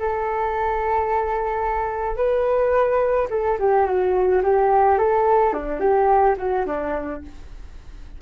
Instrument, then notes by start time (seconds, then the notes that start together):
flute
0.00 A4
2.17 B4
3.31 A4
3.60 G4
3.87 F#4
4.43 G4
4.99 A4
5.54 D4
5.80 G4
6.38 F#4
6.67 D4